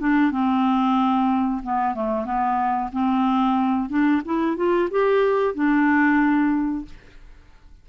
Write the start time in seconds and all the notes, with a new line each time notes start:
0.00 D4
0.32 C4
1.64 B3
1.95 A3
2.26 B3
2.93 C4
3.90 D4
4.26 E4
4.57 F4
4.91 G4
5.55 D4